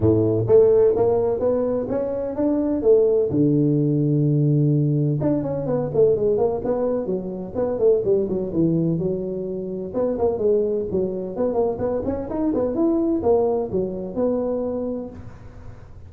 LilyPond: \new Staff \with { instrumentName = "tuba" } { \time 4/4 \tempo 4 = 127 a,4 a4 ais4 b4 | cis'4 d'4 a4 d4~ | d2. d'8 cis'8 | b8 a8 gis8 ais8 b4 fis4 |
b8 a8 g8 fis8 e4 fis4~ | fis4 b8 ais8 gis4 fis4 | b8 ais8 b8 cis'8 dis'8 b8 e'4 | ais4 fis4 b2 | }